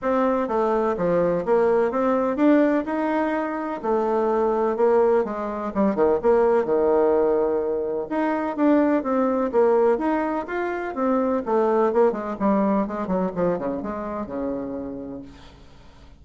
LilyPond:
\new Staff \with { instrumentName = "bassoon" } { \time 4/4 \tempo 4 = 126 c'4 a4 f4 ais4 | c'4 d'4 dis'2 | a2 ais4 gis4 | g8 dis8 ais4 dis2~ |
dis4 dis'4 d'4 c'4 | ais4 dis'4 f'4 c'4 | a4 ais8 gis8 g4 gis8 fis8 | f8 cis8 gis4 cis2 | }